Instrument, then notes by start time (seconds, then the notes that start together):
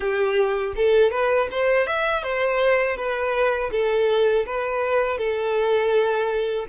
violin
0.00 G4
0.75 A4
1.11 B4
1.51 C5
1.87 E5
2.23 C5
2.96 B4
3.71 A4
4.46 B4
5.18 A4